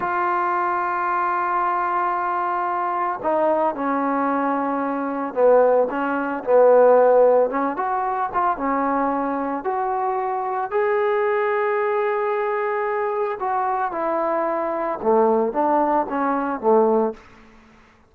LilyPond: \new Staff \with { instrumentName = "trombone" } { \time 4/4 \tempo 4 = 112 f'1~ | f'2 dis'4 cis'4~ | cis'2 b4 cis'4 | b2 cis'8 fis'4 f'8 |
cis'2 fis'2 | gis'1~ | gis'4 fis'4 e'2 | a4 d'4 cis'4 a4 | }